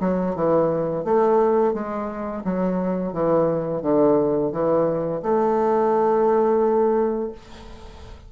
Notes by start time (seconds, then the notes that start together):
0.00 F#3
0.35 E3
1.04 A3
1.73 G#3
2.44 F#3
3.12 E3
3.82 D3
4.52 E3
5.22 A3